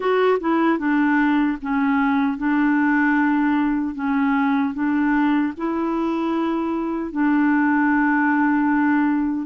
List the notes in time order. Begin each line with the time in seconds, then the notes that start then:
0.00 F#4
0.39 E4
0.78 D4
1.61 C#4
2.37 D4
3.95 C#4
4.74 D4
5.57 E4
7.11 D4